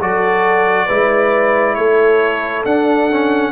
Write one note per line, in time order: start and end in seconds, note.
0.00 0.88 F#3
0.00 0.89 F#4
0.00 0.86 A4
0.00 1.75 D5
0.86 1.77 G#3
0.86 2.66 E4
0.86 1.74 B4
1.75 2.65 A3
1.75 3.53 A4
1.75 2.63 C#5
2.65 3.53 D4
2.65 3.10 D4
2.65 3.53 F#5
3.10 3.53 C#4